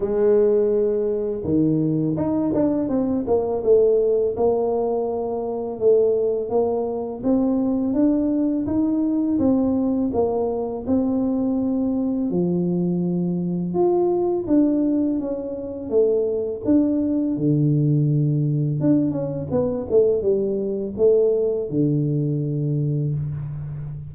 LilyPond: \new Staff \with { instrumentName = "tuba" } { \time 4/4 \tempo 4 = 83 gis2 dis4 dis'8 d'8 | c'8 ais8 a4 ais2 | a4 ais4 c'4 d'4 | dis'4 c'4 ais4 c'4~ |
c'4 f2 f'4 | d'4 cis'4 a4 d'4 | d2 d'8 cis'8 b8 a8 | g4 a4 d2 | }